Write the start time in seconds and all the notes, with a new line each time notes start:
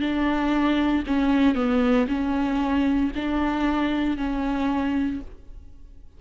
0.00 D4
1.06 C#4
1.55 B3
2.08 C#4
3.15 D4
4.17 C#4